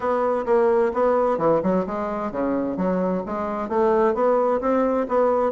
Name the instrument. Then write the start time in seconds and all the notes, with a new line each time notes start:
bassoon
0.00 B3
0.45 A#3
0.93 B3
1.38 E3
1.62 F#3
1.86 G#3
2.31 C#3
2.76 F#3
3.25 G#3
3.69 A3
4.14 B3
4.60 C4
5.08 B3